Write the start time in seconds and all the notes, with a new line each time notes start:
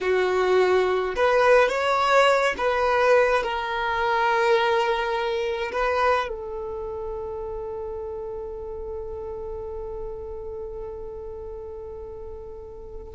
0.01 F#4
1.15 B4
1.69 C#5
2.57 B4
3.43 A#4
5.71 B4
6.28 A4